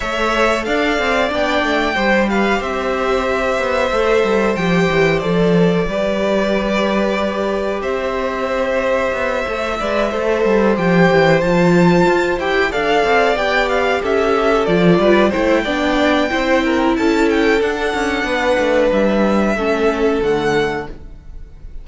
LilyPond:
<<
  \new Staff \with { instrumentName = "violin" } { \time 4/4 \tempo 4 = 92 e''4 f''4 g''4. f''8 | e''2. g''4 | d''1 | e''1~ |
e''8 g''4 a''4. g''8 f''8~ | f''8 g''8 f''8 e''4 d''4 g''8~ | g''2 a''8 g''8 fis''4~ | fis''4 e''2 fis''4 | }
  \new Staff \with { instrumentName = "violin" } { \time 4/4 cis''4 d''2 c''8 b'8 | c''1~ | c''4 b'2. | c''2. d''8 c''8~ |
c''2.~ c''8 d''8~ | d''4. a'4. b'8 c''8 | d''4 c''8 ais'8 a'2 | b'2 a'2 | }
  \new Staff \with { instrumentName = "viola" } { \time 4/4 a'2 d'4 g'4~ | g'2 a'4 g'4 | a'4 g'2.~ | g'2~ g'8 a'8 b'8 a'8~ |
a'8 g'4 f'4. g'8 a'8~ | a'8 g'2 f'4 e'8 | d'4 e'2 d'4~ | d'2 cis'4 a4 | }
  \new Staff \with { instrumentName = "cello" } { \time 4/4 a4 d'8 c'8 b8 a8 g4 | c'4. b8 a8 g8 f8 e8 | f4 g2. | c'2 b8 a8 gis8 a8 |
g8 f8 e8 f4 f'8 e'8 d'8 | c'8 b4 cis'4 f8 g8 a8 | b4 c'4 cis'4 d'8 cis'8 | b8 a8 g4 a4 d4 | }
>>